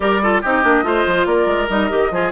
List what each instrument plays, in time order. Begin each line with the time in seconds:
0.00 bassoon G3, clarinet G4, oboe A#4, flute D5
0.21 clarinet F4, oboe A4
0.41 bassoon C4, clarinet D#4, oboe G4, flute D#5
0.62 bassoon A#3, clarinet D4
0.83 bassoon A3, clarinet F4, oboe C5
1.06 bassoon F3
1.25 bassoon A#3, oboe A#4, flute D5
1.46 bassoon G#3
1.69 bassoon G3, clarinet D#4, flute D#5
1.89 bassoon D#3, clarinet G4
2.10 bassoon F3, clarinet F4, oboe G#4